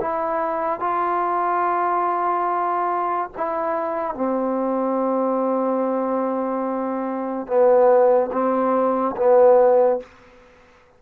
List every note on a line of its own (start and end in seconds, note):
0.00 0.80 E4
0.80 3.30 F4
3.37 4.14 E4
4.14 7.47 C4
7.47 8.30 B3
8.32 9.16 C4
9.17 10.00 B3